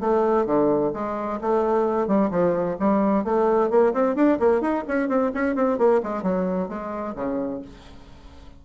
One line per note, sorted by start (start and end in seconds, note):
0.00 0.46 A3
0.46 0.92 D3
0.93 1.40 G#3
1.41 2.07 A3
2.07 2.30 G3
2.30 2.77 F3
2.79 3.24 G3
3.24 3.70 A3
3.70 3.93 A#3
3.93 4.15 C4
4.15 4.38 D4
4.39 4.61 A#3
4.61 4.84 D#4
4.88 5.08 C#4
5.08 5.31 C4
5.34 5.55 C#4
5.55 5.78 C4
5.78 6.01 A#3
6.03 6.22 G#3
6.22 6.69 F#3
6.69 7.15 G#3
7.15 7.61 C#3